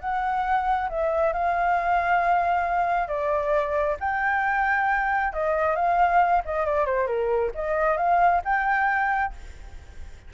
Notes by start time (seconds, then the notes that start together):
0.00 F#5
0.89 E5
1.33 F5
3.07 D5
3.99 G5
5.33 D#5
5.75 F5
6.45 D#5
6.65 D5
6.85 C5
7.06 A#4
7.55 D#5
7.97 F5
8.44 G5